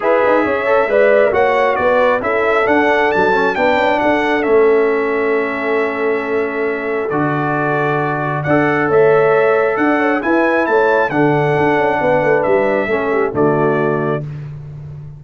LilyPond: <<
  \new Staff \with { instrumentName = "trumpet" } { \time 4/4 \tempo 4 = 135 e''2. fis''4 | d''4 e''4 fis''4 a''4 | g''4 fis''4 e''2~ | e''1 |
d''2. fis''4 | e''2 fis''4 gis''4 | a''4 fis''2. | e''2 d''2 | }
  \new Staff \with { instrumentName = "horn" } { \time 4/4 b'4 cis''4 d''4 cis''4 | b'4 a'2. | b'4 a'2.~ | a'1~ |
a'2. d''4 | cis''2 d''8 cis''8 b'4 | cis''4 a'2 b'4~ | b'4 a'8 g'8 fis'2 | }
  \new Staff \with { instrumentName = "trombone" } { \time 4/4 gis'4. a'8 b'4 fis'4~ | fis'4 e'4 d'4. cis'8 | d'2 cis'2~ | cis'1 |
fis'2. a'4~ | a'2. e'4~ | e'4 d'2.~ | d'4 cis'4 a2 | }
  \new Staff \with { instrumentName = "tuba" } { \time 4/4 e'8 dis'8 cis'4 gis4 ais4 | b4 cis'4 d'4 fis4 | b8 cis'8 d'4 a2~ | a1 |
d2. d'4 | a2 d'4 e'4 | a4 d4 d'8 cis'8 b8 a8 | g4 a4 d2 | }
>>